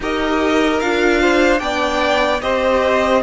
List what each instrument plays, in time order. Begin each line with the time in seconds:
0.00 cello D#4, viola G4, violin A#4 D#5
0.80 cello D4, viola F4, violin F5
1.20 violin C5
1.57 cello B3, viola D4, violin D5 G5
2.41 cello C4, viola G4, violin C5 D#5